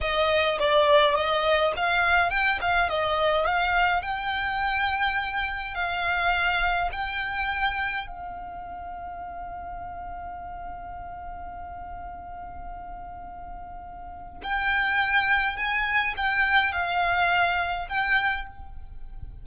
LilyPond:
\new Staff \with { instrumentName = "violin" } { \time 4/4 \tempo 4 = 104 dis''4 d''4 dis''4 f''4 | g''8 f''8 dis''4 f''4 g''4~ | g''2 f''2 | g''2 f''2~ |
f''1~ | f''1~ | f''4 g''2 gis''4 | g''4 f''2 g''4 | }